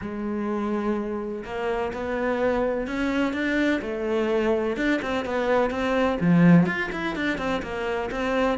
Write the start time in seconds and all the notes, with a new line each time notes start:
0.01 G#3
1.45 A#3
1.93 B3
2.87 C#4
3.33 D4
3.81 A3
4.76 D4
5.02 C4
5.25 B3
5.70 C4
6.20 F3
6.66 F4
6.92 E4
7.15 D4
7.37 C4
7.62 A#3
8.11 C4